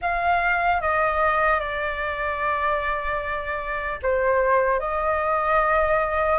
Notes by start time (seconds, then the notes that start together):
0.01 F5
0.81 D#5
1.59 D5
4.02 C5
4.79 D#5